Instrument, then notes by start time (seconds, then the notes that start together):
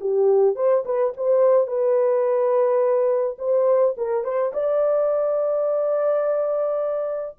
horn
0.00 G4
0.55 C5
0.85 B4
1.17 C5
1.67 B4
3.38 C5
3.97 A#4
4.23 C5
4.53 D5